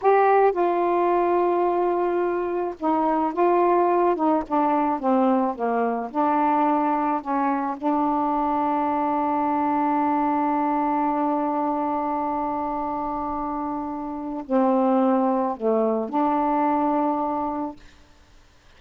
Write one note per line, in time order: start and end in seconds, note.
0.01 0.52 G4
0.52 2.74 F4
2.79 3.33 D#4
3.33 4.15 F4
4.15 4.43 D#4
4.47 4.99 D4
4.99 5.55 C4
5.55 6.10 A#3
6.10 7.21 D4
7.21 7.76 C#4
7.77 14.43 D4
14.45 15.57 C4
15.57 16.09 A3
16.09 17.76 D4